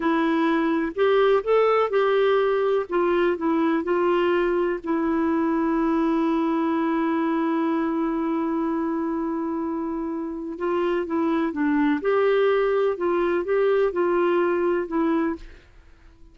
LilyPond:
\new Staff \with { instrumentName = "clarinet" } { \time 4/4 \tempo 4 = 125 e'2 g'4 a'4 | g'2 f'4 e'4 | f'2 e'2~ | e'1~ |
e'1~ | e'2 f'4 e'4 | d'4 g'2 f'4 | g'4 f'2 e'4 | }